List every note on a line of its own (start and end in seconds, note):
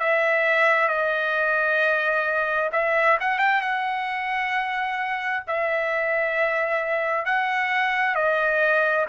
0.00 0.89 E5
0.89 2.71 D#5
2.73 3.18 E5
3.21 3.39 F#5
3.39 3.62 G5
3.62 5.44 F#5
5.48 7.26 E5
7.26 8.15 F#5
8.15 9.06 D#5